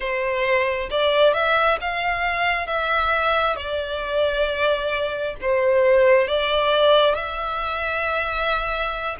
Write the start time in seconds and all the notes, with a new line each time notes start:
0.00 C5
0.90 D5
1.33 E5
1.81 F5
2.66 E5
3.55 D5
5.41 C5
6.27 D5
7.14 E5